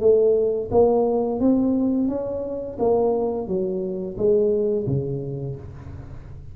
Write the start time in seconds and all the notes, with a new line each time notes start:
0.00 A3
0.71 A#3
1.39 C4
2.08 C#4
2.79 A#3
3.47 F#3
4.17 G#3
4.87 C#3